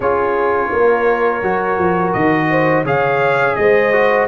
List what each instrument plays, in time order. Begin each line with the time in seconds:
0.00 tuba C#4, trombone F4, horn G#4, trumpet C#5
0.72 tuba A#3, horn A#4
1.42 tuba F#3, trombone F#4
1.78 tuba F3
2.12 tuba D#3, trumpet D#5
2.50 horn C5
2.84 tuba C#3, trombone G#4, horn C#5, trumpet F5
3.55 tuba G#3, horn C5, trumpet D#5
3.93 trombone F#4